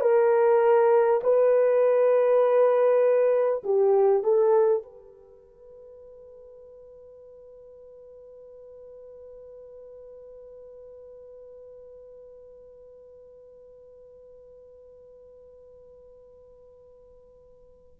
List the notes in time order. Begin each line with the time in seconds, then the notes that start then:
0.00 A#4
1.23 B4
3.63 G4
4.23 A4
4.83 B4